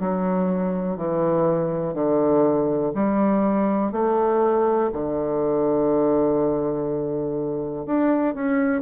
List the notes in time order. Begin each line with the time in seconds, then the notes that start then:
0.00 F#3
0.97 E3
1.94 D3
2.95 G3
3.93 A3
4.93 D3
7.86 D4
8.35 C#4